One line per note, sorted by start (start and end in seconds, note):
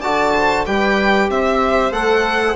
0.00 0.67 D3
0.00 0.67 F#4
0.00 0.32 D5
0.00 0.66 A5
0.35 0.66 C5
0.66 1.29 G3
0.66 1.92 G4
0.66 1.30 B4
0.66 1.30 G5
1.29 1.91 C4
1.29 2.56 C5
1.29 1.93 E5
1.91 2.55 A3
1.91 2.56 A4
1.91 2.56 F#5